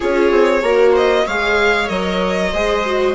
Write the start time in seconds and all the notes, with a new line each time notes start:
0.00 C#4 F4 G#4 C#5
0.31 C4
0.62 A#3 F#4 A#4
0.92 C5 D#5
1.26 G#3 G#4 C#5 F5
1.88 F#3 A#4 D#5
2.52 G#3 G#4 C5
2.85 F#4